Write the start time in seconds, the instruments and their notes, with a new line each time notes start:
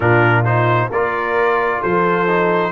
0.00 tuba A#2, trombone D4, horn F4, trumpet A#4
0.44 trombone D#4, trumpet C5
0.89 tuba A#3, trombone F4, horn A#4, trumpet D5
1.81 tuba F3, horn A4, trumpet C5
2.27 trombone D#4